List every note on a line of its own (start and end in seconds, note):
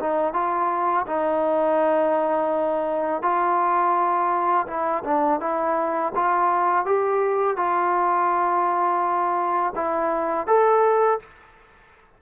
0.00 0.34 D#4
0.34 1.06 F4
1.07 3.22 D#4
3.22 4.67 F4
4.67 5.03 E4
5.04 5.41 D4
5.41 6.13 E4
6.15 6.86 F4
6.86 7.57 G4
7.57 9.74 F4
9.76 10.47 E4
10.47 11.19 A4